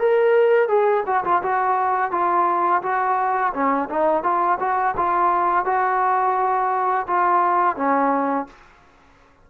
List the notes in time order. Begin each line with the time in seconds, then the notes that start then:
0.00 A#4
0.69 G#4
1.07 F#4
1.25 F4
1.43 F#4
2.12 F4
2.83 F#4
3.54 C#4
3.90 D#4
4.24 F4
4.60 F#4
4.97 F4
5.66 F#4
7.08 F4
7.77 C#4